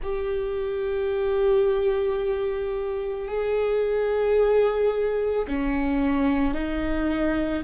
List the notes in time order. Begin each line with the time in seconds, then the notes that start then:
0.02 G4
3.27 G#4
5.47 C#4
6.54 D#4